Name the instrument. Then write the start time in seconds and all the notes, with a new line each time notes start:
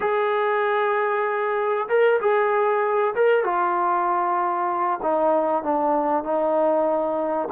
trombone
0.00 G#4
1.88 A#4
2.20 G#4
3.14 A#4
3.43 F4
5.02 D#4
5.63 D4
6.23 D#4